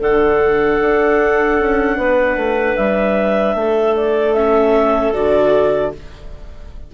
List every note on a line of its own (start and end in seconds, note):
0.00 0.79 D3
0.00 4.34 D4
0.00 1.97 A4
0.00 2.76 F#5
0.81 1.60 D4
1.60 1.97 C#4
1.97 2.36 B3
1.97 3.55 B4
2.36 2.76 A3
2.76 3.54 G3
2.76 3.94 E5
3.54 5.12 A3
3.54 5.94 A4
3.96 4.33 D5
4.33 5.13 C#4
4.33 5.12 E5
5.13 5.94 D3
5.13 5.92 F#4
5.13 5.92 D5